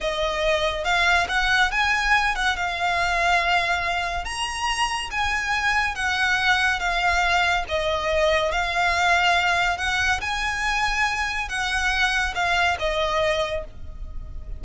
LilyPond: \new Staff \with { instrumentName = "violin" } { \time 4/4 \tempo 4 = 141 dis''2 f''4 fis''4 | gis''4. fis''8 f''2~ | f''2 ais''2 | gis''2 fis''2 |
f''2 dis''2 | f''2. fis''4 | gis''2. fis''4~ | fis''4 f''4 dis''2 | }